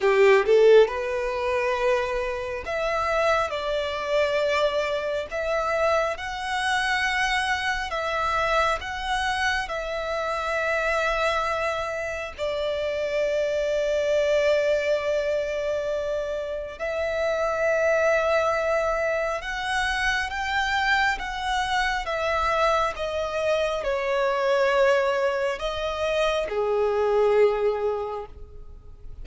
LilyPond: \new Staff \with { instrumentName = "violin" } { \time 4/4 \tempo 4 = 68 g'8 a'8 b'2 e''4 | d''2 e''4 fis''4~ | fis''4 e''4 fis''4 e''4~ | e''2 d''2~ |
d''2. e''4~ | e''2 fis''4 g''4 | fis''4 e''4 dis''4 cis''4~ | cis''4 dis''4 gis'2 | }